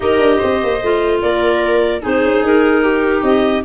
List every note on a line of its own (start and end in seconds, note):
0.00 0.19 D#4
0.00 0.81 G4
0.00 0.38 A#4
0.00 1.20 D#5
0.19 0.39 D4
0.38 0.63 C4
0.38 1.19 C5
0.63 0.82 A#3
0.82 1.22 A3
0.82 2.01 F4
1.21 2.03 A#3
1.21 2.02 A#4
1.21 2.02 D5
2.01 2.23 C4
2.01 3.63 D#4
2.01 2.83 G#4
2.01 2.45 C5
2.23 2.42 C#4
2.42 3.22 D#4
2.42 3.22 A#4
2.83 3.64 G4
3.22 3.63 C4
3.22 3.63 D#5